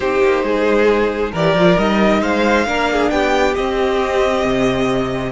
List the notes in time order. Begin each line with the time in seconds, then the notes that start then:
0.00 C4 D#4 G4 C5
0.23 A#3
0.43 G#3 G#4
1.31 E3 G4 A#4 D5
1.54 F3 F4
1.77 G3 D#4 D#5
2.21 G#3 C5 F5
2.65 A#3 D4 A#4
2.91 G#4
3.10 B3 G4 G5
3.55 C4 D#5
4.44 C3